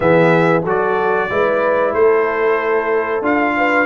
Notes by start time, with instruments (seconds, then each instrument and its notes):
0.00 tuba E3, trombone B3, horn G#4, trumpet E5
0.62 tuba F#3, trombone F#4, horn A4, trumpet D5
1.29 tuba G#3, trombone E4, horn B4
1.93 tuba A3, horn A4, trumpet C5
3.21 tuba D4, trombone F4, trumpet F5
3.57 horn B4